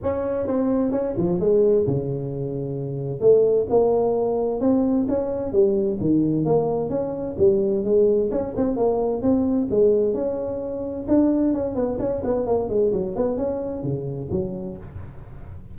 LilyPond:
\new Staff \with { instrumentName = "tuba" } { \time 4/4 \tempo 4 = 130 cis'4 c'4 cis'8 f8 gis4 | cis2. a4 | ais2 c'4 cis'4 | g4 dis4 ais4 cis'4 |
g4 gis4 cis'8 c'8 ais4 | c'4 gis4 cis'2 | d'4 cis'8 b8 cis'8 b8 ais8 gis8 | fis8 b8 cis'4 cis4 fis4 | }